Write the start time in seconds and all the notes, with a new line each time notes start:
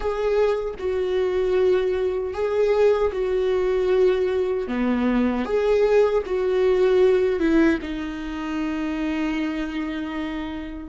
0.00 G#4
0.79 F#4
2.33 G#4
3.12 F#4
4.67 B3
5.45 G#4
6.26 F#4
7.39 E4
7.81 D#4